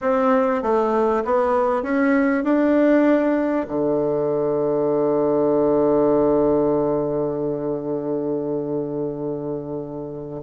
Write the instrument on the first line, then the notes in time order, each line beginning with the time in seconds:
bassoon
0.01 C4
0.62 A3
1.24 B3
1.82 C#4
2.44 D4
3.68 D3